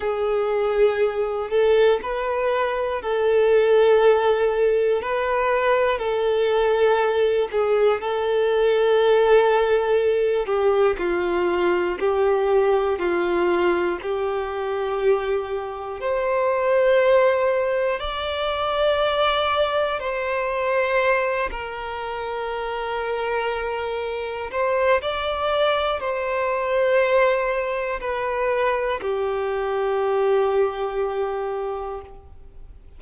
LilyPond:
\new Staff \with { instrumentName = "violin" } { \time 4/4 \tempo 4 = 60 gis'4. a'8 b'4 a'4~ | a'4 b'4 a'4. gis'8 | a'2~ a'8 g'8 f'4 | g'4 f'4 g'2 |
c''2 d''2 | c''4. ais'2~ ais'8~ | ais'8 c''8 d''4 c''2 | b'4 g'2. | }